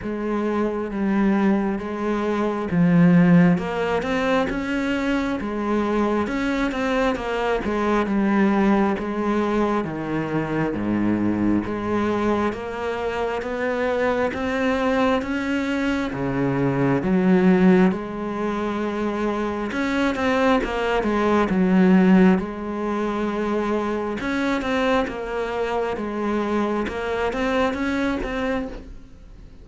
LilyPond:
\new Staff \with { instrumentName = "cello" } { \time 4/4 \tempo 4 = 67 gis4 g4 gis4 f4 | ais8 c'8 cis'4 gis4 cis'8 c'8 | ais8 gis8 g4 gis4 dis4 | gis,4 gis4 ais4 b4 |
c'4 cis'4 cis4 fis4 | gis2 cis'8 c'8 ais8 gis8 | fis4 gis2 cis'8 c'8 | ais4 gis4 ais8 c'8 cis'8 c'8 | }